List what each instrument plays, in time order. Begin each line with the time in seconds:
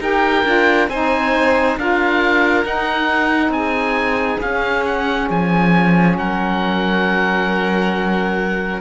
0.00 cello D#4, saxophone G4, violin A#4, oboe G5
0.45 cello D4, saxophone F4
0.88 cello C4, saxophone D#4, violin C5, oboe G#5
1.77 cello D4, saxophone F4, violin A#4, oboe F5
2.64 saxophone D#4, cello D#4, oboe F#5
3.49 cello C4, violin G#4, oboe G#5
4.42 saxophone C#4, cello C#4, oboe F5
4.85 oboe F#5
5.30 cello F3, oboe G#5
6.18 cello F#3, violin A#4, oboe F#5